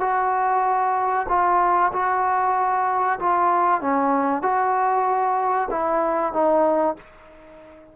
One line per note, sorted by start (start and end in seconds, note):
0.00 1.26 F#4
1.28 1.91 F4
1.92 3.19 F#4
3.19 3.81 F4
3.81 4.42 C#4
4.42 5.68 F#4
5.70 6.33 E4
6.33 6.96 D#4